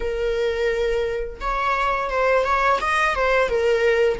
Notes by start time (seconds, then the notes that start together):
0.00 A#4
1.40 C#5
2.09 C5
2.44 C#5
2.80 D#5
3.15 C5
3.49 A#4